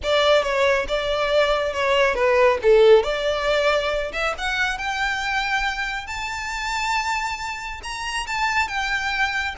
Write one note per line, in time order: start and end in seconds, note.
0.03 0.42 D5
0.42 0.86 C#5
0.88 1.73 D5
1.73 2.15 C#5
2.15 2.58 B4
2.62 3.03 A4
3.03 4.12 D5
4.12 4.34 E5
4.37 4.78 F#5
4.78 6.07 G5
6.07 7.80 A5
7.83 8.26 A#5
8.26 8.67 A5
8.67 9.54 G5